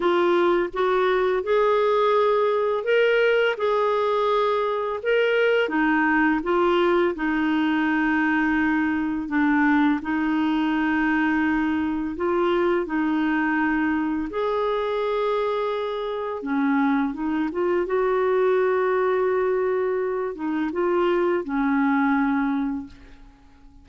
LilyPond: \new Staff \with { instrumentName = "clarinet" } { \time 4/4 \tempo 4 = 84 f'4 fis'4 gis'2 | ais'4 gis'2 ais'4 | dis'4 f'4 dis'2~ | dis'4 d'4 dis'2~ |
dis'4 f'4 dis'2 | gis'2. cis'4 | dis'8 f'8 fis'2.~ | fis'8 dis'8 f'4 cis'2 | }